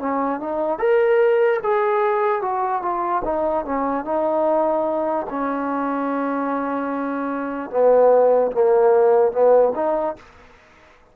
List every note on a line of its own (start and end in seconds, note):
0.00 0.41 C#4
0.41 0.79 D#4
0.79 1.60 A#4
1.64 2.42 G#4
2.42 2.82 F#4
2.82 3.23 F4
3.25 3.66 D#4
3.66 4.05 C#4
4.05 5.27 D#4
5.30 7.71 C#4
7.71 8.52 B3
8.52 9.32 A#3
9.32 9.73 B3
9.76 10.16 D#4